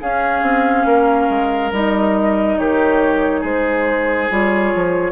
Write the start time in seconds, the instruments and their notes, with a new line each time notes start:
0.00 clarinet C#4, bassoon C#4, oboe G#4, flute F5
0.42 bassoon C4
0.84 bassoon A#3, oboe A#4
1.29 bassoon G#3
1.71 bassoon G3, clarinet D#4, flute D#5
2.58 bassoon D#3, oboe G4, flute C#5
3.40 bassoon G#3, oboe G#4, flute C5
4.29 bassoon G3, clarinet F4, flute C#5
4.74 bassoon F3